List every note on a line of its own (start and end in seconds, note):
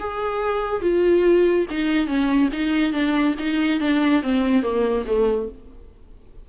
0.00 0.82 G#4
0.82 1.67 F4
1.70 2.07 D#4
2.07 2.49 C#4
2.53 2.93 D#4
2.93 3.35 D4
3.39 3.80 D#4
3.80 4.23 D4
4.23 4.63 C4
4.63 5.05 A#3
5.06 5.49 A3